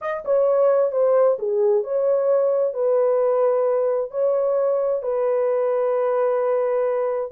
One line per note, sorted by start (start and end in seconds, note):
0.01 0.24 D#5
0.25 0.91 C#5
0.91 1.37 C5
1.38 1.83 G#4
1.83 2.73 C#5
2.73 4.11 B4
4.11 5.02 C#5
5.02 7.31 B4